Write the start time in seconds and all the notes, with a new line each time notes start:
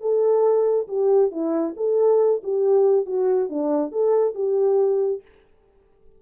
0.00 A4
0.88 G4
1.31 E4
1.76 A4
2.43 G4
3.06 F#4
3.49 D4
3.91 A4
4.34 G4